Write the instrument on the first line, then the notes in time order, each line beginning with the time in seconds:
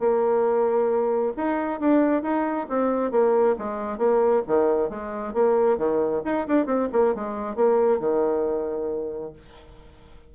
bassoon
0.00 A#3
1.37 D#4
1.81 D4
2.23 D#4
2.70 C4
3.12 A#3
3.59 G#3
3.98 A#3
4.48 D#3
4.90 G#3
5.34 A#3
5.78 D#3
6.25 D#4
6.48 D4
6.67 C4
6.93 A#3
7.16 G#3
7.56 A#3
8.00 D#3